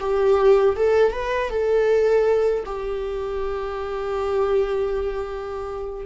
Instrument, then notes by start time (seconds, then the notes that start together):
viola
0.00 G4
0.76 A4
1.12 B4
1.50 A4
2.66 G4